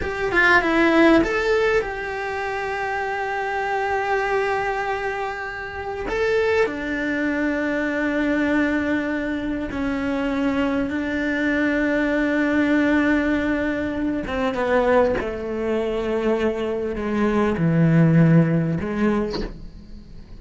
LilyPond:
\new Staff \with { instrumentName = "cello" } { \time 4/4 \tempo 4 = 99 g'8 f'8 e'4 a'4 g'4~ | g'1~ | g'2 a'4 d'4~ | d'1 |
cis'2 d'2~ | d'2.~ d'8 c'8 | b4 a2. | gis4 e2 gis4 | }